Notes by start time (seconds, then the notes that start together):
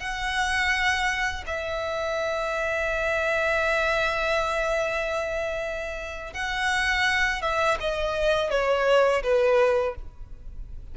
0.00 F#5
1.47 E5
6.34 F#5
7.42 E5
7.81 D#5
8.50 C#5
9.23 B4